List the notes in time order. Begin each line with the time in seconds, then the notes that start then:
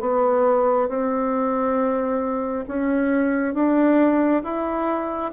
0.00 B3
0.88 C4
2.68 C#4
3.54 D4
4.43 E4